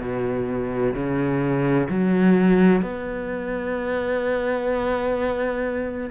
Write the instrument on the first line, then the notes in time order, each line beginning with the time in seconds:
cello
0.00 B2
0.94 C#3
1.89 F#3
2.82 B3